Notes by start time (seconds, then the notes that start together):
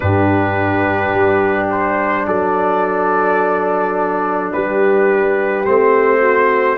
0.00 G2 D4 G4 B4
1.14 G3
1.70 C5
2.25 F#3 A4 D5
4.52 G3 G4 B4
5.64 A3 C4 C5
6.20 F#4